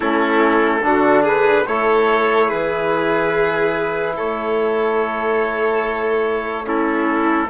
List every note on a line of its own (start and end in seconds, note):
0.00 0.82 A3
0.00 0.81 C#4
0.00 0.82 E4
0.00 1.25 A4
0.81 1.65 D3
0.81 1.64 D4
0.81 1.22 F#4
1.22 1.64 G#4
1.22 1.66 B4
1.66 2.51 A3
1.66 6.65 E4
1.66 2.47 A4
1.66 2.49 C#5
2.47 4.18 E3
2.47 4.13 G#4
2.47 4.16 B4
4.16 7.49 A3
4.16 6.66 A4
4.16 6.67 C#5
6.65 7.48 C#4
6.65 7.49 E4
6.65 7.49 A4